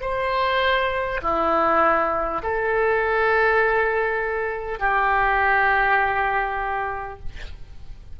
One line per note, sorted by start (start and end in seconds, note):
0.00 1.20 C5
1.22 2.42 E4
2.43 4.79 A4
4.79 7.19 G4